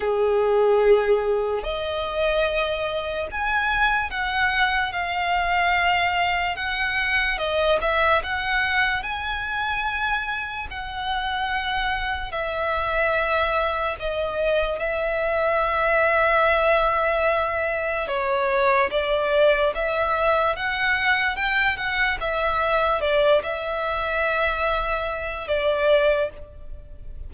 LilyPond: \new Staff \with { instrumentName = "violin" } { \time 4/4 \tempo 4 = 73 gis'2 dis''2 | gis''4 fis''4 f''2 | fis''4 dis''8 e''8 fis''4 gis''4~ | gis''4 fis''2 e''4~ |
e''4 dis''4 e''2~ | e''2 cis''4 d''4 | e''4 fis''4 g''8 fis''8 e''4 | d''8 e''2~ e''8 d''4 | }